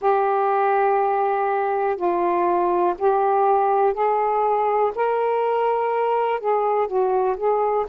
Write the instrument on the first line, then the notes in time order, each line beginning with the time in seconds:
saxophone
0.01 G4
1.96 F4
2.98 G4
3.93 G#4
4.95 A#4
6.40 G#4
6.87 F#4
7.36 G#4